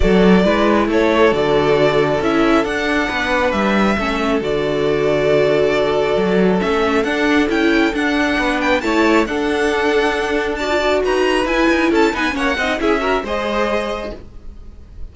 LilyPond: <<
  \new Staff \with { instrumentName = "violin" } { \time 4/4 \tempo 4 = 136 d''2 cis''4 d''4~ | d''4 e''4 fis''2 | e''2 d''2~ | d''2. e''4 |
fis''4 g''4 fis''4. g''8 | a''4 fis''2. | a''4 ais''4 gis''4 a''8 gis''8 | fis''4 e''4 dis''2 | }
  \new Staff \with { instrumentName = "violin" } { \time 4/4 a'4 b'4 a'2~ | a'2. b'4~ | b'4 a'2.~ | a'1~ |
a'2. b'4 | cis''4 a'2. | d''4 b'2 a'8 b'8 | cis''8 dis''8 gis'8 ais'8 c''2 | }
  \new Staff \with { instrumentName = "viola" } { \time 4/4 fis'4 e'2 fis'4~ | fis'4 e'4 d'2~ | d'4 cis'4 fis'2~ | fis'2. cis'4 |
d'4 e'4 d'2 | e'4 d'2. | fis'16 f'16 fis'4. e'4. dis'8 | cis'8 dis'8 e'8 fis'8 gis'2 | }
  \new Staff \with { instrumentName = "cello" } { \time 4/4 fis4 gis4 a4 d4~ | d4 cis'4 d'4 b4 | g4 a4 d2~ | d2 fis4 a4 |
d'4 cis'4 d'4 b4 | a4 d'2.~ | d'4 dis'4 e'8 dis'8 cis'8 b8 | ais8 c'8 cis'4 gis2 | }
>>